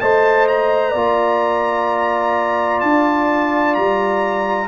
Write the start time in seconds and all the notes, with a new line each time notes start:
0.00 A3 C5 D#5 A5
0.47 A#5
0.90 A#3 F4 D5
2.80 D4 A5
3.74 G3 A#5